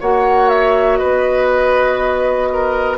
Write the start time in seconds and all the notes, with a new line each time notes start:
0.00 A#3 F#4 C#5 F#5
0.49 E5
0.96 B3 B4 D#5
2.53 A#4